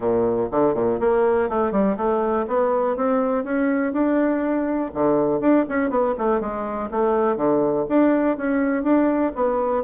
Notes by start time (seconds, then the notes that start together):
0.00 A#2
0.51 D3
0.74 A#2
1.00 A#3
1.49 A3
1.71 G3
1.96 A3
2.47 B3
2.96 C4
3.44 C#4
3.92 D4
4.94 D3
5.40 D4
5.68 C#4
5.89 B3
6.17 A3
6.40 G#3
6.90 A3
7.36 D3
7.88 D4
8.37 C#4
8.83 D4
9.35 B3